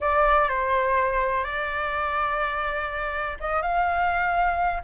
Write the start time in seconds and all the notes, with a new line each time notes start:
0.00 D5
0.48 C5
1.44 D5
3.40 D#5
3.62 F5